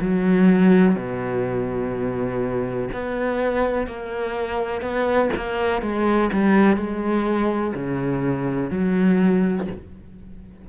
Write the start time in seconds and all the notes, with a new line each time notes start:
0.00 F#3
0.95 B2
2.93 B3
3.87 A#3
4.81 B3
5.36 A#3
5.82 G#3
6.32 G3
6.76 G#3
7.74 C#3
8.70 F#3